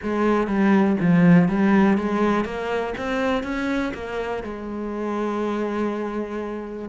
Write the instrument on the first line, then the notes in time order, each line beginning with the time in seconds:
cello
0.02 G#3
0.47 G3
1.00 F3
1.48 G3
1.97 G#3
2.44 A#3
2.97 C4
3.43 C#4
3.94 A#3
4.43 G#3